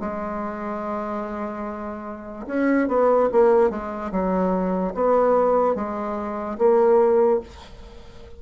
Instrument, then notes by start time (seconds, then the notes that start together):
bassoon
0.00 G#3
2.47 C#4
2.88 B3
3.32 A#3
3.70 G#3
4.11 F#3
4.94 B3
5.75 G#3
6.58 A#3